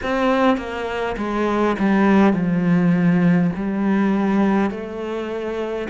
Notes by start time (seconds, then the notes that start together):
0.03 C4
0.57 A#3
1.17 G#3
1.79 G3
2.33 F3
3.55 G3
4.70 A3